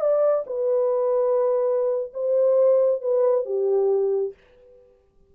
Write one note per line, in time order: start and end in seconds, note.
0.00 0.44 D5
0.46 2.12 B4
2.13 3.01 C5
3.01 3.45 B4
3.45 4.33 G4